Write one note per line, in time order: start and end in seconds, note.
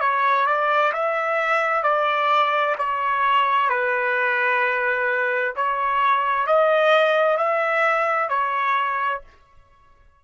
0.00 0.46 C#5
0.46 0.92 D5
0.93 1.83 E5
1.83 2.75 D5
2.78 3.69 C#5
3.69 5.54 B4
5.56 6.47 C#5
6.47 7.37 D#5
7.37 8.29 E5
8.29 9.21 C#5